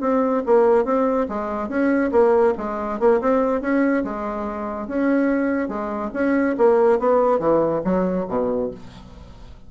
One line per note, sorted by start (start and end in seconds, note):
0.00 0.42 C4
0.46 0.84 A#3
0.84 1.27 C4
1.28 1.68 G#3
1.68 2.10 C#4
2.11 2.53 A#3
2.57 2.99 G#3
2.99 3.20 A#3
3.20 3.61 C4
3.61 4.03 C#4
4.03 4.87 G#3
4.87 5.68 C#4
5.68 6.10 G#3
6.13 6.56 C#4
6.57 6.99 A#3
6.99 7.39 B3
7.39 7.81 E3
7.84 8.26 F#3
8.28 8.70 B2